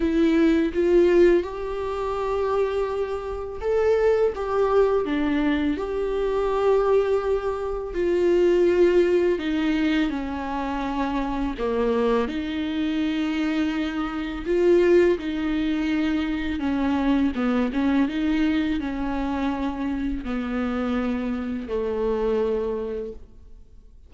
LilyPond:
\new Staff \with { instrumentName = "viola" } { \time 4/4 \tempo 4 = 83 e'4 f'4 g'2~ | g'4 a'4 g'4 d'4 | g'2. f'4~ | f'4 dis'4 cis'2 |
ais4 dis'2. | f'4 dis'2 cis'4 | b8 cis'8 dis'4 cis'2 | b2 a2 | }